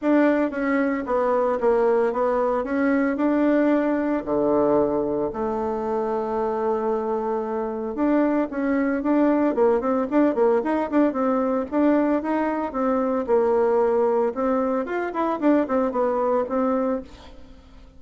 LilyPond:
\new Staff \with { instrumentName = "bassoon" } { \time 4/4 \tempo 4 = 113 d'4 cis'4 b4 ais4 | b4 cis'4 d'2 | d2 a2~ | a2. d'4 |
cis'4 d'4 ais8 c'8 d'8 ais8 | dis'8 d'8 c'4 d'4 dis'4 | c'4 ais2 c'4 | f'8 e'8 d'8 c'8 b4 c'4 | }